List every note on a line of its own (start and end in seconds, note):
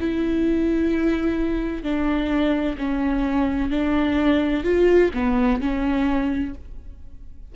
0.00 1.83 E4
1.83 2.77 D4
2.78 3.70 C#4
3.70 4.64 D4
4.64 5.11 F4
5.14 5.61 B3
5.61 6.55 C#4